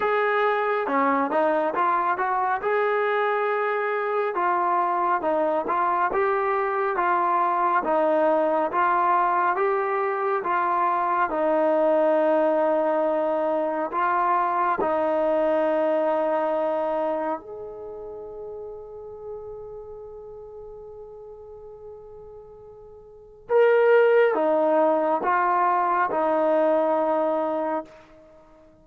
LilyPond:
\new Staff \with { instrumentName = "trombone" } { \time 4/4 \tempo 4 = 69 gis'4 cis'8 dis'8 f'8 fis'8 gis'4~ | gis'4 f'4 dis'8 f'8 g'4 | f'4 dis'4 f'4 g'4 | f'4 dis'2. |
f'4 dis'2. | gis'1~ | gis'2. ais'4 | dis'4 f'4 dis'2 | }